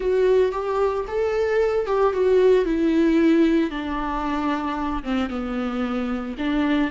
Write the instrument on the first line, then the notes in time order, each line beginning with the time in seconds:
viola
0.00 F#4
0.52 G4
1.07 A4
1.86 G4
2.13 F#4
2.65 E4
3.70 D4
5.03 C4
5.29 B3
6.38 D4